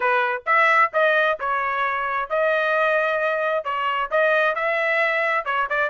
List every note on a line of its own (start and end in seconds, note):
0.00 0.42 B4
0.46 0.91 E5
0.93 1.38 D#5
1.39 2.29 C#5
2.29 3.64 D#5
3.64 4.10 C#5
4.10 4.55 D#5
4.55 5.45 E5
5.45 5.68 C#5
5.69 5.90 D5